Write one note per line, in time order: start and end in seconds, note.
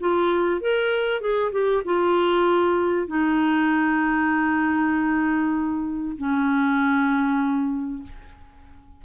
0.00 0.61 F4
0.61 1.21 A#4
1.21 1.52 G#4
1.52 1.83 G4
1.85 3.07 F4
3.07 6.17 D#4
6.17 8.03 C#4